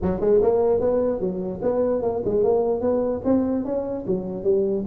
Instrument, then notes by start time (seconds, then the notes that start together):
tuba
0.01 F#3
0.20 G#3
0.42 A#3
0.80 B3
1.19 F#3
1.62 B3
2.02 A#3
2.24 G#3
2.43 A#3
2.80 B3
3.24 C4
3.64 C#4
4.06 F#3
4.43 G3